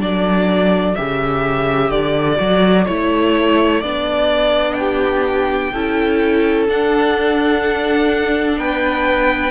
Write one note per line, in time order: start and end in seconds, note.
0.00 0.96 F#3
0.00 0.95 D4
0.00 4.79 A4
0.00 0.95 D5
0.95 1.91 C#3
0.95 2.37 G4
0.95 1.90 E5
1.90 2.38 D3
1.90 2.85 D5
2.37 2.87 F#3
2.37 2.84 F#4
2.85 3.82 A3
2.85 3.83 E4
2.85 3.80 C#5
3.80 5.73 B3
3.80 5.73 D4
3.80 4.73 D5
4.73 5.73 G4
4.73 6.64 G5
5.73 6.68 C#4
5.73 6.69 E4
5.73 8.58 A4
6.68 8.57 D4
6.68 9.50 D4
6.68 8.58 F#5
8.57 9.50 B3
8.57 9.50 B4
8.57 9.50 G5